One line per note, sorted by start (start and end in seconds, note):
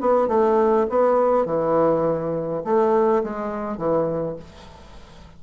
0.00 0.27 B3
0.27 0.86 A3
0.89 1.45 B3
1.45 2.63 E3
2.64 3.23 A3
3.23 3.77 G#3
3.77 4.36 E3